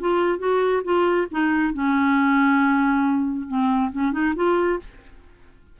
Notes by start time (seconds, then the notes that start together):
0.00 F4
0.39 F#4
0.84 F4
1.31 D#4
1.74 C#4
3.48 C4
3.92 C#4
4.12 D#4
4.36 F4